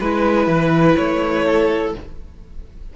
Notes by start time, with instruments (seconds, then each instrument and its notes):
0.00 cello G#3, viola E4, violin B4
0.48 cello E3
0.97 cello A3, violin C#5
1.47 violin A4